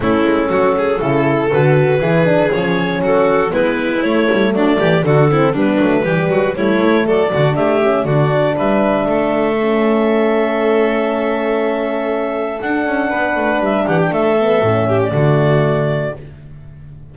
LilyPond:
<<
  \new Staff \with { instrumentName = "clarinet" } { \time 4/4 \tempo 4 = 119 a'2. b'4~ | b'4 cis''4 a'4 b'4 | cis''4 d''4 a'4 b'4~ | b'4 cis''4 d''4 e''4 |
d''4 e''2.~ | e''1~ | e''4 fis''2 e''8 fis''16 g''16 | e''4.~ e''16 d''2~ d''16 | }
  \new Staff \with { instrumentName = "violin" } { \time 4/4 e'4 fis'8 gis'8 a'2 | gis'2 fis'4 e'4~ | e'4 d'8 g'8 fis'8 e'8 d'4 | g'8 fis'8 e'4 a'8 fis'8 g'4 |
fis'4 b'4 a'2~ | a'1~ | a'2 b'4. g'8 | a'4. g'8 fis'2 | }
  \new Staff \with { instrumentName = "horn" } { \time 4/4 cis'2 e'4 fis'4 | e'8 d'8 cis'2 b4 | a2 d'8 c'8 b8 a8 | g4 a4. d'4 cis'8 |
d'2. cis'4~ | cis'1~ | cis'4 d'2.~ | d'8 b8 cis'4 a2 | }
  \new Staff \with { instrumentName = "double bass" } { \time 4/4 a8 gis8 fis4 cis4 d4 | e4 f4 fis4 gis4 | a8 g8 fis8 e8 d4 g8 fis8 | e8 fis8 g8 a8 fis8 d8 a4 |
d4 g4 a2~ | a1~ | a4 d'8 cis'8 b8 a8 g8 e8 | a4 a,4 d2 | }
>>